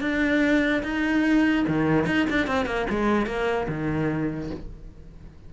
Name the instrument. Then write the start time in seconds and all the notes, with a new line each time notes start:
cello
0.00 D4
0.83 D#4
1.67 D#3
2.06 D#4
2.29 D4
2.46 C4
2.65 A#3
2.89 G#3
3.26 A#3
3.68 D#3